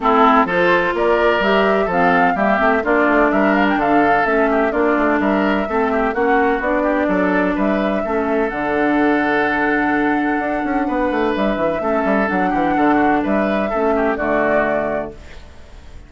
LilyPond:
<<
  \new Staff \with { instrumentName = "flute" } { \time 4/4 \tempo 4 = 127 a'4 c''4 d''4 e''4 | f''4 e''4 d''4 e''8 f''16 g''16 | f''4 e''4 d''4 e''4~ | e''4 fis''4 d''2 |
e''2 fis''2~ | fis''1 | e''2 fis''2 | e''2 d''2 | }
  \new Staff \with { instrumentName = "oboe" } { \time 4/4 e'4 a'4 ais'2 | a'4 g'4 f'4 ais'4 | a'4. g'8 f'4 ais'4 | a'8 g'8 fis'4. g'8 a'4 |
b'4 a'2.~ | a'2. b'4~ | b'4 a'4. g'8 a'8 fis'8 | b'4 a'8 g'8 fis'2 | }
  \new Staff \with { instrumentName = "clarinet" } { \time 4/4 c'4 f'2 g'4 | c'4 ais8 c'8 d'2~ | d'4 cis'4 d'2 | c'4 cis'4 d'2~ |
d'4 cis'4 d'2~ | d'1~ | d'4 cis'4 d'2~ | d'4 cis'4 a2 | }
  \new Staff \with { instrumentName = "bassoon" } { \time 4/4 a4 f4 ais4 g4 | f4 g8 a8 ais8 a8 g4 | d4 a4 ais8 a8 g4 | a4 ais4 b4 fis4 |
g4 a4 d2~ | d2 d'8 cis'8 b8 a8 | g8 e8 a8 g8 fis8 e8 d4 | g4 a4 d2 | }
>>